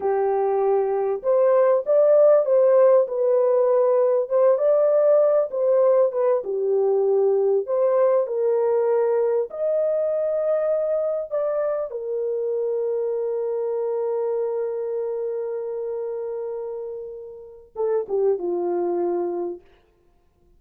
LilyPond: \new Staff \with { instrumentName = "horn" } { \time 4/4 \tempo 4 = 98 g'2 c''4 d''4 | c''4 b'2 c''8 d''8~ | d''4 c''4 b'8 g'4.~ | g'8 c''4 ais'2 dis''8~ |
dis''2~ dis''8 d''4 ais'8~ | ais'1~ | ais'1~ | ais'4 a'8 g'8 f'2 | }